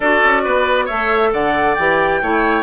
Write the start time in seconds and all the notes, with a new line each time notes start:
0.00 D4 F#4 A4 D5
0.24 C#4
0.44 B3 B4
0.85 A3 A4 C#5 E5
1.32 D3 D5 F#5
1.74 E3 G4 G5
2.21 A3 E4 C#5